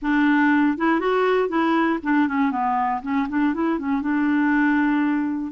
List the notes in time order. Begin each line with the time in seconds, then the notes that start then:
0.02 D4
0.77 E4
0.99 F#4
1.49 E4
2.03 D4
2.27 C#4
2.51 B3
3.02 C#4
3.28 D4
3.54 E4
3.78 C#4
4.01 D4